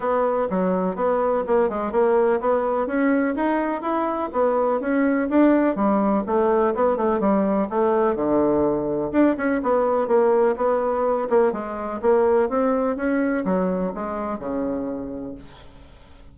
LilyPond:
\new Staff \with { instrumentName = "bassoon" } { \time 4/4 \tempo 4 = 125 b4 fis4 b4 ais8 gis8 | ais4 b4 cis'4 dis'4 | e'4 b4 cis'4 d'4 | g4 a4 b8 a8 g4 |
a4 d2 d'8 cis'8 | b4 ais4 b4. ais8 | gis4 ais4 c'4 cis'4 | fis4 gis4 cis2 | }